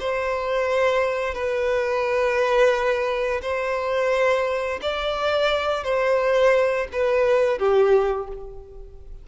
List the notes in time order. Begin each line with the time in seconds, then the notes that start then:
0.00 C5
1.34 B4
3.42 C5
4.82 D5
5.84 C5
6.92 B4
7.59 G4